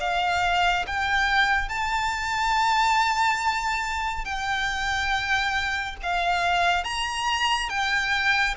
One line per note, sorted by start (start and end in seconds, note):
0.00 0.86 F5
0.86 1.69 G5
1.69 4.25 A5
4.25 5.96 G5
6.03 6.84 F5
6.84 7.69 A#5
7.69 8.55 G5